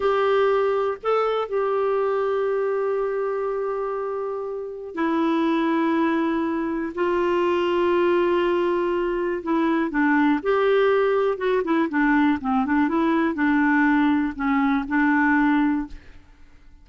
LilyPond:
\new Staff \with { instrumentName = "clarinet" } { \time 4/4 \tempo 4 = 121 g'2 a'4 g'4~ | g'1~ | g'2 e'2~ | e'2 f'2~ |
f'2. e'4 | d'4 g'2 fis'8 e'8 | d'4 c'8 d'8 e'4 d'4~ | d'4 cis'4 d'2 | }